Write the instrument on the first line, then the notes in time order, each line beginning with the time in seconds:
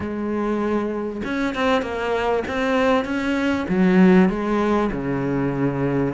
cello
0.00 G#3
1.24 C#4
1.54 C4
1.82 A#3
2.47 C4
3.04 C#4
3.68 F#3
4.29 G#3
4.92 C#3